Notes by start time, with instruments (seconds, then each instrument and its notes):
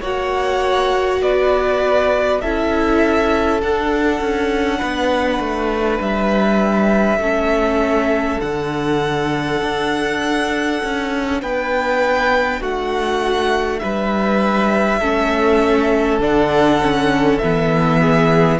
0.00 cello A#3, viola F#4, violin C#5 F#5
1.21 cello B3, violin B4 D5
2.41 cello C#4, viola E4, violin A4 E5
3.62 cello D4, viola D4, violin F#5
4.20 cello C#4
4.78 cello B3, violin B4
5.39 cello A3
6.00 cello G3, violin E5
7.17 cello A3, viola C#4, violin A4
8.40 cello D3, viola D4, violin F#5
9.62 cello D4
10.83 cello C#4
11.42 cello B3, violin B4 G5
12.60 cello A3, violin F#4 F#5
13.79 cello G3, violin B4 E5
14.99 cello A3, viola C#4, violin A4
16.19 cello D3, viola D4, violin F#5
16.81 viola C#4
17.38 cello E3, viola B3, violin E5
18.01 violin G#4